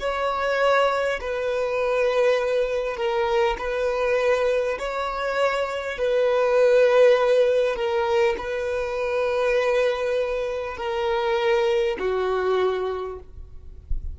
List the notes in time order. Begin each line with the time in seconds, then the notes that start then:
0.00 C#5
1.21 B4
2.96 A#4
3.58 B4
4.78 C#5
5.98 B4
7.76 A#4
8.38 B4
10.77 A#4
11.99 F#4